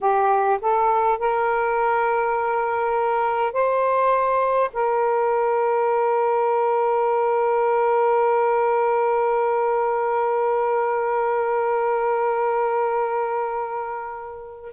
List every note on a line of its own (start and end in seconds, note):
0.01 0.59 G4
0.61 1.18 A4
1.18 3.52 A#4
3.52 4.70 C5
4.73 14.72 A#4